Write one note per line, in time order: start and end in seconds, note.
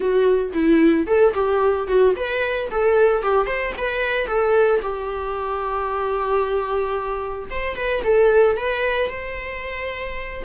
0.00 0.52 F#4
0.53 1.06 E4
1.06 1.33 A4
1.33 1.87 G4
1.87 2.14 F#4
2.16 2.69 B4
2.70 3.22 A4
3.22 3.46 G4
3.46 3.73 C5
3.77 4.26 B4
4.26 4.80 A4
4.81 7.49 G4
7.50 7.76 C5
7.76 8.02 B4
8.03 8.56 A4
8.56 9.09 B4
9.09 10.43 C5